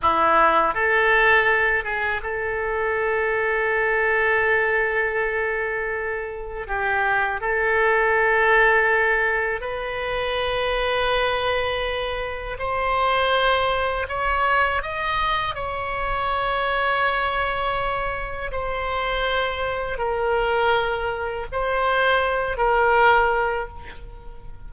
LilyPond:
\new Staff \with { instrumentName = "oboe" } { \time 4/4 \tempo 4 = 81 e'4 a'4. gis'8 a'4~ | a'1~ | a'4 g'4 a'2~ | a'4 b'2.~ |
b'4 c''2 cis''4 | dis''4 cis''2.~ | cis''4 c''2 ais'4~ | ais'4 c''4. ais'4. | }